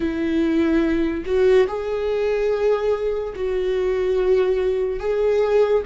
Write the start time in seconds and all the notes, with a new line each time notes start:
0.00 E4
1.25 F#4
1.67 G#4
3.35 F#4
4.99 G#4